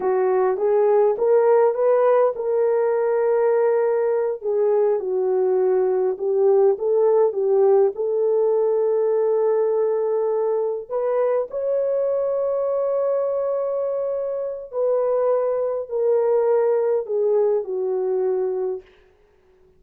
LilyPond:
\new Staff \with { instrumentName = "horn" } { \time 4/4 \tempo 4 = 102 fis'4 gis'4 ais'4 b'4 | ais'2.~ ais'8 gis'8~ | gis'8 fis'2 g'4 a'8~ | a'8 g'4 a'2~ a'8~ |
a'2~ a'8 b'4 cis''8~ | cis''1~ | cis''4 b'2 ais'4~ | ais'4 gis'4 fis'2 | }